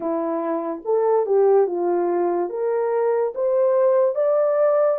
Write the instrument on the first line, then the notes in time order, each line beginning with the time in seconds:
horn
0.00 E4
0.84 A4
1.26 G4
1.66 F4
2.49 A#4
3.34 C5
4.15 D5